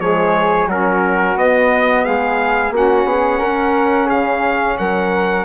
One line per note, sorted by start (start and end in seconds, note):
0.00 0.67 F3
0.00 0.68 G#3
0.00 0.68 G#4
0.00 0.69 C#5
0.67 1.35 F#3
0.67 1.37 C#4
0.67 2.04 F#4
0.67 1.38 A#4
1.35 2.03 B3
1.35 2.73 B3
1.35 2.05 D#5
2.05 2.71 G#3
2.05 2.73 G#4
2.05 2.73 F5
2.71 3.05 A#3
2.71 5.45 C#4
2.71 3.08 F#4
2.71 4.10 F#5
3.05 3.39 B3
3.05 3.39 G#4
3.39 4.11 C#4
3.39 4.06 A#4
4.06 4.79 C#3
4.06 4.75 G#4
4.06 4.78 F5
4.78 5.45 F#3
4.78 5.45 A#4
4.78 5.45 F#5